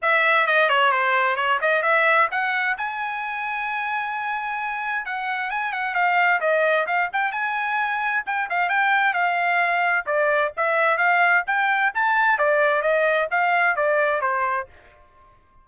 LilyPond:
\new Staff \with { instrumentName = "trumpet" } { \time 4/4 \tempo 4 = 131 e''4 dis''8 cis''8 c''4 cis''8 dis''8 | e''4 fis''4 gis''2~ | gis''2. fis''4 | gis''8 fis''8 f''4 dis''4 f''8 g''8 |
gis''2 g''8 f''8 g''4 | f''2 d''4 e''4 | f''4 g''4 a''4 d''4 | dis''4 f''4 d''4 c''4 | }